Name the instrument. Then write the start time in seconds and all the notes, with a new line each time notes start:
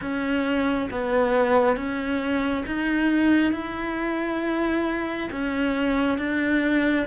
cello
0.01 C#4
0.91 B3
1.76 C#4
2.66 D#4
3.52 E4
5.31 C#4
6.18 D4